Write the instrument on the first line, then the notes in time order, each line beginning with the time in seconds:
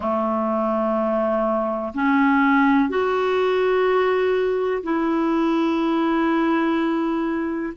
clarinet
0.00 A3
1.94 C#4
2.89 F#4
4.83 E4